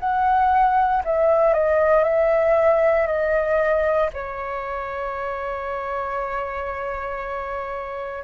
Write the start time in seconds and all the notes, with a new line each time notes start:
0.00 F#5
1.05 E5
1.53 D#5
2.04 E5
3.07 D#5
4.14 C#5